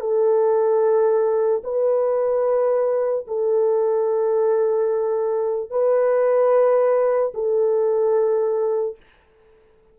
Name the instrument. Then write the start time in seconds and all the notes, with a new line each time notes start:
horn
0.00 A4
1.64 B4
3.27 A4
5.70 B4
7.34 A4